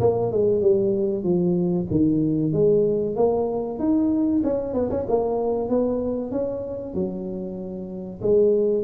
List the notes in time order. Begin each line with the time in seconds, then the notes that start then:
0.00 A#3
0.32 G#3
0.61 G3
1.23 F3
1.91 D#3
2.52 G#3
3.16 A#3
3.79 D#4
4.44 C#4
4.74 B3
4.90 C#4
5.08 A#3
5.69 B3
6.31 C#4
6.94 F#3
8.22 G#3